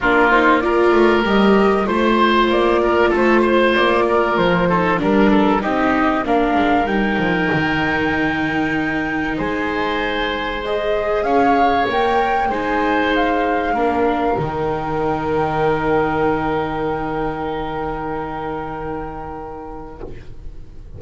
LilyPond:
<<
  \new Staff \with { instrumentName = "flute" } { \time 4/4 \tempo 4 = 96 ais'8 c''8 d''4 dis''4 c''4 | d''4 c''4 d''4 c''4 | ais'4 dis''4 f''4 g''4~ | g''2. gis''4~ |
gis''4 dis''4 f''4 g''4 | gis''4 f''2 g''4~ | g''1~ | g''1 | }
  \new Staff \with { instrumentName = "oboe" } { \time 4/4 f'4 ais'2 c''4~ | c''8 ais'8 a'8 c''4 ais'4 a'8 | ais'8 a'8 g'4 ais'2~ | ais'2. c''4~ |
c''2 cis''2 | c''2 ais'2~ | ais'1~ | ais'1 | }
  \new Staff \with { instrumentName = "viola" } { \time 4/4 d'8 dis'8 f'4 g'4 f'4~ | f'2.~ f'8 dis'8 | d'4 dis'4 d'4 dis'4~ | dis'1~ |
dis'4 gis'2 ais'4 | dis'2 d'4 dis'4~ | dis'1~ | dis'1 | }
  \new Staff \with { instrumentName = "double bass" } { \time 4/4 ais4. a8 g4 a4 | ais4 a4 ais4 f4 | g4 c'4 ais8 gis8 g8 f8 | dis2. gis4~ |
gis2 cis'4 ais4 | gis2 ais4 dis4~ | dis1~ | dis1 | }
>>